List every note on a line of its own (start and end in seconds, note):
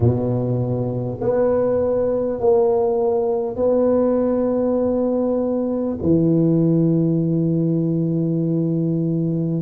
0.00 1.19 B2
1.21 2.39 B3
2.39 3.56 A#3
3.56 5.96 B3
6.02 9.62 E3